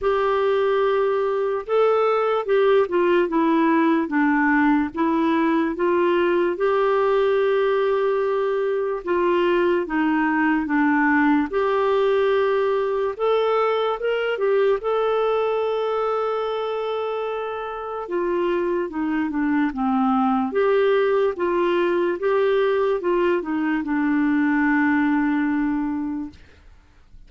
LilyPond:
\new Staff \with { instrumentName = "clarinet" } { \time 4/4 \tempo 4 = 73 g'2 a'4 g'8 f'8 | e'4 d'4 e'4 f'4 | g'2. f'4 | dis'4 d'4 g'2 |
a'4 ais'8 g'8 a'2~ | a'2 f'4 dis'8 d'8 | c'4 g'4 f'4 g'4 | f'8 dis'8 d'2. | }